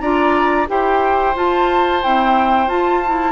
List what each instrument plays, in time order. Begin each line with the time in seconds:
0.00 bassoon D4, clarinet F4, oboe D5, flute A#5
0.67 bassoon E4, clarinet G4, oboe C5, flute G5
1.35 clarinet F4, bassoon F4, flute A5
2.02 clarinet C4, bassoon E4, flute G5
2.67 bassoon F4, clarinet F4, flute A5
3.06 clarinet E4